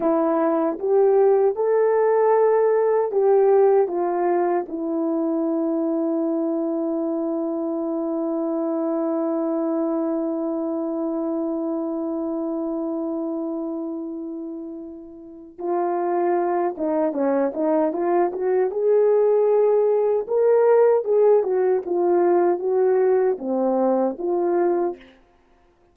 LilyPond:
\new Staff \with { instrumentName = "horn" } { \time 4/4 \tempo 4 = 77 e'4 g'4 a'2 | g'4 f'4 e'2~ | e'1~ | e'1~ |
e'1 | f'4. dis'8 cis'8 dis'8 f'8 fis'8 | gis'2 ais'4 gis'8 fis'8 | f'4 fis'4 c'4 f'4 | }